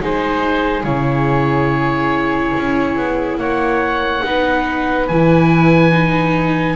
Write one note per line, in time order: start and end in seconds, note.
0.00 0.84 G#3
0.00 0.85 D#4
0.00 3.40 G#4
0.00 0.84 C5
0.84 2.53 C#3
0.84 4.24 E4
0.84 3.37 C#5
2.57 2.96 C#4
2.96 3.37 B3
3.37 4.22 A#3
3.37 4.24 C#5
3.37 5.08 F#5
4.24 5.10 B3
4.24 5.08 D#4
4.24 6.76 B4
5.08 6.76 E3
5.08 5.92 E4
5.08 6.76 G#5
5.92 6.76 D#4